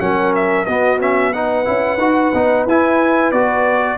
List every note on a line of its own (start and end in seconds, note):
0.00 0.68 F#3
0.00 0.67 C#4
0.00 0.68 A#4
0.00 0.34 F#5
0.35 0.66 E5
0.66 1.00 B3
0.66 1.68 B3
0.66 1.34 F#4
0.66 0.99 D#5
1.00 1.33 C#4
1.00 1.33 E5
1.33 1.65 D#4
1.33 3.98 B4
1.33 2.67 F#5
1.65 1.98 C#4
1.65 1.99 E4
1.98 2.31 D#4
1.98 2.33 F#4
2.34 2.66 B3
2.34 2.68 D#4
2.66 3.33 E4
2.66 3.34 E4
2.66 3.32 G#5
3.32 3.98 B3
3.32 3.98 F#4
3.32 3.98 D5